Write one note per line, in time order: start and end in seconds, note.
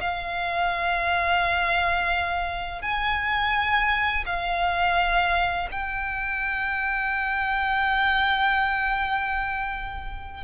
0.00 2.81 F5
2.81 4.24 G#5
4.25 5.68 F5
5.71 10.43 G5